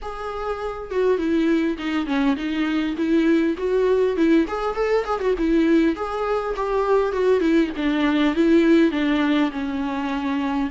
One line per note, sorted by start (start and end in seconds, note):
0.02 0.90 G#4
0.90 1.17 F#4
1.17 1.77 E4
1.77 2.06 D#4
2.06 2.35 C#4
2.36 2.95 D#4
2.96 3.56 E4
3.57 4.16 F#4
4.16 4.46 E4
4.47 4.75 G#4
4.75 5.05 A4
5.05 5.20 G#4
5.20 5.34 F#4
5.38 5.95 E4
5.95 6.55 G#4
6.56 7.12 G4
7.12 7.40 F#4
7.40 7.70 E4
7.76 8.35 D4
8.35 8.91 E4
8.91 9.50 D4
9.51 10.70 C#4